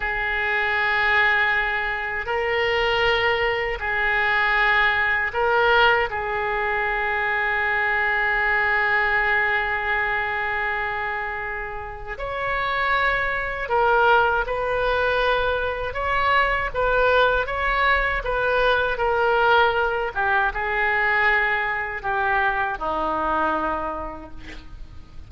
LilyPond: \new Staff \with { instrumentName = "oboe" } { \time 4/4 \tempo 4 = 79 gis'2. ais'4~ | ais'4 gis'2 ais'4 | gis'1~ | gis'1 |
cis''2 ais'4 b'4~ | b'4 cis''4 b'4 cis''4 | b'4 ais'4. g'8 gis'4~ | gis'4 g'4 dis'2 | }